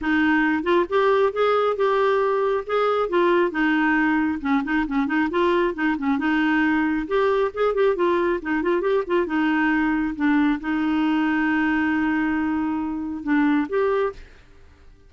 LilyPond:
\new Staff \with { instrumentName = "clarinet" } { \time 4/4 \tempo 4 = 136 dis'4. f'8 g'4 gis'4 | g'2 gis'4 f'4 | dis'2 cis'8 dis'8 cis'8 dis'8 | f'4 dis'8 cis'8 dis'2 |
g'4 gis'8 g'8 f'4 dis'8 f'8 | g'8 f'8 dis'2 d'4 | dis'1~ | dis'2 d'4 g'4 | }